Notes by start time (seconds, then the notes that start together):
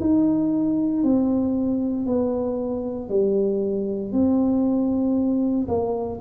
0.00 D#4
1.03 C4
2.06 B3
3.08 G3
4.12 C4
5.68 A#3